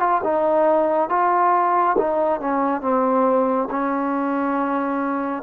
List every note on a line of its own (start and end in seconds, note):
0.00 0.22 F4
0.24 1.09 D#4
1.09 1.96 F4
1.98 2.41 D#4
2.41 2.82 C#4
2.82 3.69 C4
3.71 5.43 C#4